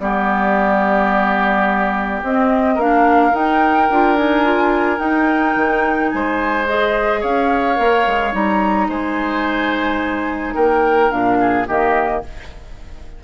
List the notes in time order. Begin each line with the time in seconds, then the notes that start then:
0.00 G3 B3 G4 D5
2.23 C4 D#5
2.75 A#3 D4 A#4 F5
3.32 D#4 G5
3.90 D4 F4
4.17 D#4 G#5
4.44 F4
4.97 D#4 G5
5.56 D#3
6.10 G#3 C5 G#5
6.67 G#4 D#5
7.21 C#4 C#5 F5
7.76 A#3 A#4
8.07 G#3
8.32 G3 D#4 A#5
8.89 G#3 C5 G#5
10.55 A#3 A#4 G5
11.10 A#2 D4 F5
11.40 G#4
11.68 D#3 A#3 G4 D#5